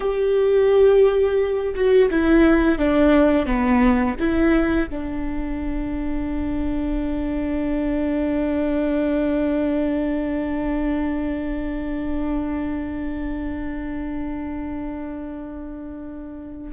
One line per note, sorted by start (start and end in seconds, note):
0.00 1.74 G4
1.74 2.09 F#4
2.10 2.78 E4
2.78 3.45 D4
3.45 4.15 B3
4.19 4.89 E4
4.89 16.73 D4